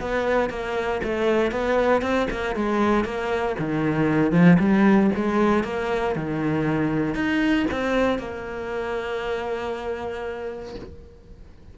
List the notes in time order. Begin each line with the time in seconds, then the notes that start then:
0.00 B3
0.49 A#3
1.03 A3
1.51 B3
2.01 C4
2.30 A#3
2.55 G#3
3.04 A#3
3.59 D#3
4.31 F3
4.59 G3
5.15 G#3
5.63 A#3
6.15 D#3
7.14 D#4
7.70 C4
8.18 A#3